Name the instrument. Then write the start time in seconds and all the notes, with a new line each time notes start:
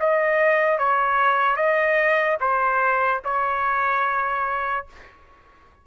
trumpet
0.00 D#5
0.79 C#5
1.57 D#5
2.41 C5
3.24 C#5